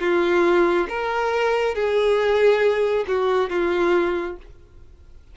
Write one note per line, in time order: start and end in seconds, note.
0.00 0.87 F4
0.89 1.74 A#4
1.74 3.05 G#4
3.07 3.49 F#4
3.49 4.36 F4